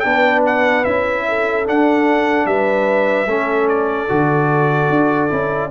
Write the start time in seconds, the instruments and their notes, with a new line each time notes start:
0.00 tuba B3, trombone D4, horn B4, trumpet G5
0.46 trumpet F#5
0.84 tuba C#4, trombone E4, trumpet E5
1.28 horn A4
1.66 trombone D4, tuba D4, trumpet F#5
2.46 tuba G3, horn B4, trumpet E5
3.27 tuba A3, trombone C#4, horn A4
3.69 trumpet D5
4.09 tuba D3, trombone F#4
4.90 tuba D4
5.30 tuba C#4, trombone E4